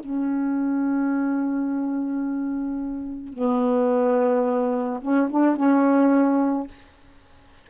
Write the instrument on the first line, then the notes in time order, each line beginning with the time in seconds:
saxophone
0.00 C#4
3.33 B3
5.01 C#4
5.30 D4
5.56 C#4